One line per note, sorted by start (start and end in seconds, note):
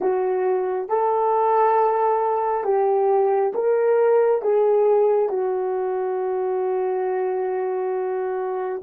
0.00 0.88 F#4
0.88 2.64 A4
2.64 3.52 G4
3.54 4.42 A#4
4.42 5.29 G#4
5.29 8.82 F#4